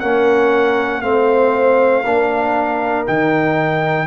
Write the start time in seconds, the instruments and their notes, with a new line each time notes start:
0.00 tuba A#3, trombone C#4, horn A#4, trumpet F#5
1.01 tuba A3, trombone C4, horn C5, trumpet F5
2.05 tuba A#3, trombone D4, horn A#4
3.06 tuba D#3, trombone D#4, trumpet G5